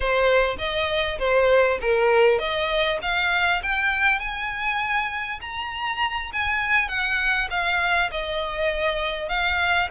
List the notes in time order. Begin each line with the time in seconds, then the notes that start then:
0.00 C5
0.58 D#5
1.18 C5
1.81 A#4
2.38 D#5
3.02 F5
3.62 G5
4.19 G#5
5.41 A#5
6.32 G#5
6.88 F#5
7.50 F5
8.11 D#5
9.28 F5